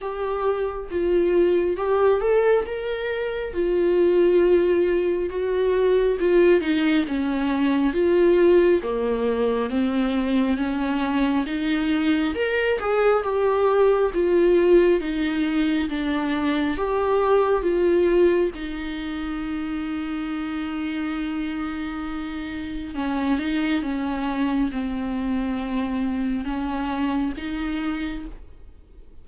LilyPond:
\new Staff \with { instrumentName = "viola" } { \time 4/4 \tempo 4 = 68 g'4 f'4 g'8 a'8 ais'4 | f'2 fis'4 f'8 dis'8 | cis'4 f'4 ais4 c'4 | cis'4 dis'4 ais'8 gis'8 g'4 |
f'4 dis'4 d'4 g'4 | f'4 dis'2.~ | dis'2 cis'8 dis'8 cis'4 | c'2 cis'4 dis'4 | }